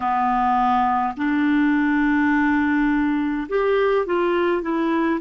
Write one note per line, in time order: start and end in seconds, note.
0.00 1.14 B3
1.16 3.47 D4
3.49 4.06 G4
4.06 4.62 F4
4.62 5.19 E4